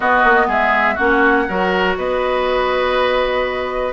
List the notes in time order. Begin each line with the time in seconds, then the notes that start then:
0.00 B3 F#4 D#5
0.24 A#3
0.47 G#3 G#4 E5
0.94 A#3 C#4 F#4 F#5
1.48 F#3 F#4 A#4
1.97 B3 B4 D#5